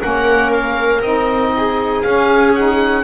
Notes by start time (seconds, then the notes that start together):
0.00 A#3 C#4 A#4 F#5
0.52 F5
1.01 C4 D#4 D#5
1.56 G#4
2.02 C#4 F5
2.55 D#4 F#5